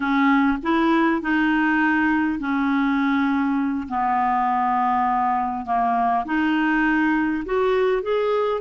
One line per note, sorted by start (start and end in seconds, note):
0.00 0.58 C#4
0.62 1.21 E4
1.21 2.39 D#4
2.39 3.87 C#4
3.88 5.65 B3
5.65 6.25 A#3
6.25 7.43 D#4
7.45 8.02 F#4
8.02 8.61 G#4